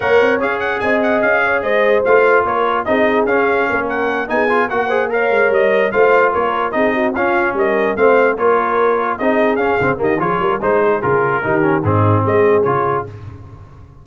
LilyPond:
<<
  \new Staff \with { instrumentName = "trumpet" } { \time 4/4 \tempo 4 = 147 fis''4 f''8 fis''8 gis''8 fis''8 f''4 | dis''4 f''4 cis''4 dis''4 | f''4. fis''4 gis''4 fis''8~ | fis''8 f''4 dis''4 f''4 cis''8~ |
cis''8 dis''4 f''4 dis''4 f''8~ | f''8 cis''2 dis''4 f''8~ | f''8 dis''8 cis''4 c''4 ais'4~ | ais'4 gis'4 dis''4 cis''4 | }
  \new Staff \with { instrumentName = "horn" } { \time 4/4 cis''2 dis''4. cis''8 | c''2 ais'4 gis'4~ | gis'4 ais'4. gis'4 ais'8 | c''8 cis''2 c''4 ais'8~ |
ais'8 gis'8 fis'8 f'4 ais'4 c''8~ | c''8 ais'2 gis'4.~ | gis'8 g'8 gis'8 ais'8 c''8 gis'4. | g'4 dis'4 gis'2 | }
  \new Staff \with { instrumentName = "trombone" } { \time 4/4 ais'4 gis'2.~ | gis'4 f'2 dis'4 | cis'2~ cis'8 dis'8 f'8 fis'8 | gis'8 ais'2 f'4.~ |
f'8 dis'4 cis'2 c'8~ | c'8 f'2 dis'4 cis'8 | c'8 ais8 f'4 dis'4 f'4 | dis'8 cis'8 c'2 f'4 | }
  \new Staff \with { instrumentName = "tuba" } { \time 4/4 ais8 c'8 cis'4 c'4 cis'4 | gis4 a4 ais4 c'4 | cis'4 ais4. b4 ais8~ | ais4 gis8 g4 a4 ais8~ |
ais8 c'4 cis'4 g4 a8~ | a8 ais2 c'4 cis'8 | cis8 dis8 f8 g8 gis4 cis4 | dis4 gis,4 gis4 cis4 | }
>>